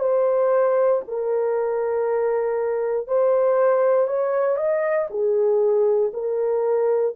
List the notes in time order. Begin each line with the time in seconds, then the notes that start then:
0.00 C5
1.08 A#4
3.07 C5
4.08 C#5
4.57 D#5
5.10 G#4
6.14 A#4